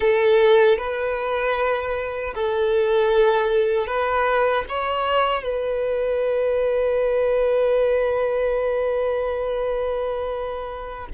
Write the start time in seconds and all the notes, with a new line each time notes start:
0.00 A4
0.78 B4
2.34 A4
3.86 B4
4.69 C#5
5.43 B4